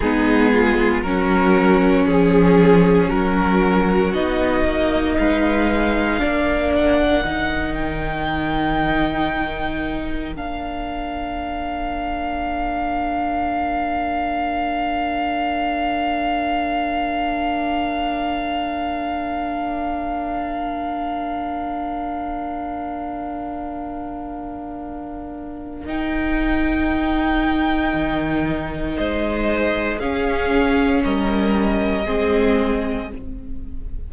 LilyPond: <<
  \new Staff \with { instrumentName = "violin" } { \time 4/4 \tempo 4 = 58 gis'4 ais'4 gis'4 ais'4 | dis''4 f''4. fis''4 g''8~ | g''2 f''2~ | f''1~ |
f''1~ | f''1~ | f''4 g''2. | dis''4 f''4 dis''2 | }
  \new Staff \with { instrumentName = "violin" } { \time 4/4 dis'8 f'8 fis'4 gis'4 fis'4~ | fis'4 b'4 ais'2~ | ais'1~ | ais'1~ |
ais'1~ | ais'1~ | ais'1 | c''4 gis'4 ais'4 gis'4 | }
  \new Staff \with { instrumentName = "viola" } { \time 4/4 b4 cis'2. | dis'2 d'4 dis'4~ | dis'2 d'2~ | d'1~ |
d'1~ | d'1~ | d'4 dis'2.~ | dis'4 cis'2 c'4 | }
  \new Staff \with { instrumentName = "cello" } { \time 4/4 gis4 fis4 f4 fis4 | b8 ais8 gis4 ais4 dis4~ | dis2 ais2~ | ais1~ |
ais1~ | ais1~ | ais4 dis'2 dis4 | gis4 cis'4 g4 gis4 | }
>>